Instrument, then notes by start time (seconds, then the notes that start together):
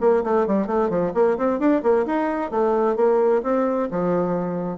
bassoon
0.00 A#3
0.23 A3
0.46 G3
0.66 A3
0.89 F3
1.14 A#3
1.37 C4
1.59 D4
1.82 A#3
2.06 D#4
2.50 A3
2.96 A#3
3.42 C4
3.91 F3